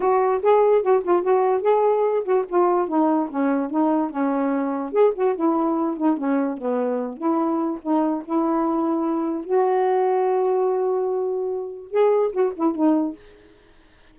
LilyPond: \new Staff \with { instrumentName = "saxophone" } { \time 4/4 \tempo 4 = 146 fis'4 gis'4 fis'8 f'8 fis'4 | gis'4. fis'8 f'4 dis'4 | cis'4 dis'4 cis'2 | gis'8 fis'8 e'4. dis'8 cis'4 |
b4. e'4. dis'4 | e'2. fis'4~ | fis'1~ | fis'4 gis'4 fis'8 e'8 dis'4 | }